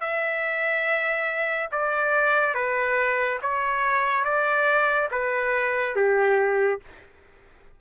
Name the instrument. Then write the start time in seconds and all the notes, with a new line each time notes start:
trumpet
0.00 E5
1.71 D5
2.54 B4
3.42 C#5
4.24 D5
5.11 B4
5.95 G4